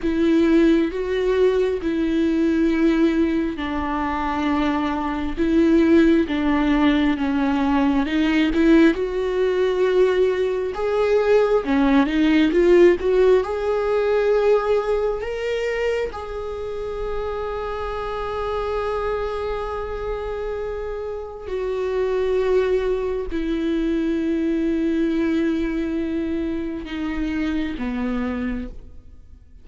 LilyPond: \new Staff \with { instrumentName = "viola" } { \time 4/4 \tempo 4 = 67 e'4 fis'4 e'2 | d'2 e'4 d'4 | cis'4 dis'8 e'8 fis'2 | gis'4 cis'8 dis'8 f'8 fis'8 gis'4~ |
gis'4 ais'4 gis'2~ | gis'1 | fis'2 e'2~ | e'2 dis'4 b4 | }